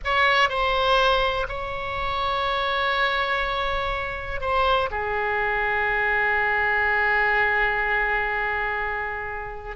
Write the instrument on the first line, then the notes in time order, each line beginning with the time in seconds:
oboe
0.04 C#5
0.49 C5
1.48 C#5
4.40 C5
4.90 G#4